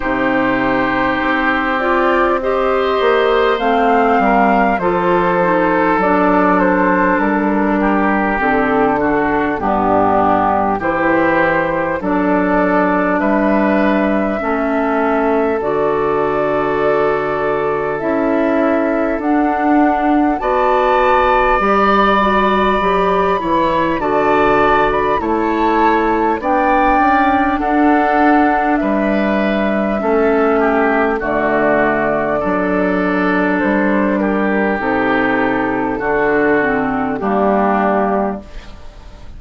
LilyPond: <<
  \new Staff \with { instrumentName = "flute" } { \time 4/4 \tempo 4 = 50 c''4. d''8 dis''4 f''4 | c''4 d''8 c''8 ais'4 a'4 | g'4 c''4 d''4 e''4~ | e''4 d''2 e''4 |
fis''4 a''4 b''2 | a''8. b''16 a''4 g''4 fis''4 | e''2 d''2 | c''8 ais'8 a'2 g'4 | }
  \new Staff \with { instrumentName = "oboe" } { \time 4/4 g'2 c''4. ais'8 | a'2~ a'8 g'4 fis'8 | d'4 g'4 a'4 b'4 | a'1~ |
a'4 d''2~ d''8 cis''8 | d''4 cis''4 d''4 a'4 | b'4 a'8 g'8 fis'4 a'4~ | a'8 g'4. fis'4 d'4 | }
  \new Staff \with { instrumentName = "clarinet" } { \time 4/4 dis'4. f'8 g'4 c'4 | f'8 dis'8 d'2 c'8 d'8 | b4 e'4 d'2 | cis'4 fis'2 e'4 |
d'4 fis'4 g'8 fis'8 g'8 e'8 | fis'4 e'4 d'2~ | d'4 cis'4 a4 d'4~ | d'4 dis'4 d'8 c'8 ais4 | }
  \new Staff \with { instrumentName = "bassoon" } { \time 4/4 c4 c'4. ais8 a8 g8 | f4 fis4 g4 d4 | g,4 e4 fis4 g4 | a4 d2 cis'4 |
d'4 b4 g4 fis8 e8 | d4 a4 b8 cis'8 d'4 | g4 a4 d4 fis4 | g4 c4 d4 g4 | }
>>